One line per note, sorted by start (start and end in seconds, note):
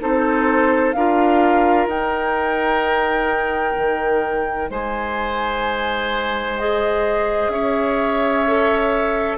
0.00 0.94 C4
0.00 0.94 D#4
0.00 0.95 A4
0.00 0.92 C5
0.92 1.86 D4
0.92 1.90 F4
0.92 4.70 A#4
0.92 1.86 F5
1.86 3.74 D#4
1.86 6.59 D#4
1.86 4.69 G5
3.78 4.69 D#3
4.69 7.48 G#3
4.69 7.52 C5
4.69 6.58 G#5
6.58 8.46 G#4
6.58 7.50 D#5
7.48 9.35 C#4
7.48 9.38 C#5
7.48 9.37 E5
8.47 9.38 A4